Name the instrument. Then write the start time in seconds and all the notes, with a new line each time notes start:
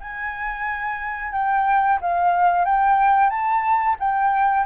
flute
0.00 G#5
1.32 G5
2.01 F5
2.65 G5
3.30 A5
3.99 G5